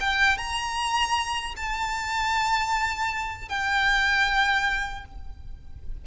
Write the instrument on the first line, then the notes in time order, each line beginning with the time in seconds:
violin
0.00 G5
0.38 A#5
1.56 A5
3.49 G5